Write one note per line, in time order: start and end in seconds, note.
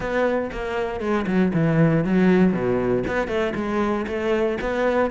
0.00 0.50 B3
0.52 1.00 A#3
1.00 1.25 G#3
1.27 1.52 F#3
1.53 2.04 E3
2.04 2.52 F#3
2.52 3.03 B2
3.07 3.27 B3
3.27 3.53 A3
3.55 4.05 G#3
4.07 4.58 A3
4.61 5.10 B3